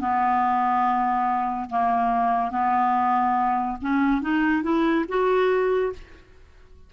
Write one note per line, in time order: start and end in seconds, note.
0.00 1.69 B3
1.69 2.50 A#3
2.50 3.77 B3
3.81 4.21 C#4
4.21 4.62 D#4
4.62 5.05 E4
5.08 5.93 F#4